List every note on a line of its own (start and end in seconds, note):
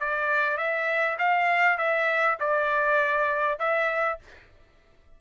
0.00 0.57 D5
0.57 1.17 E5
1.18 1.78 F5
1.78 2.38 E5
2.39 3.59 D5
3.59 4.19 E5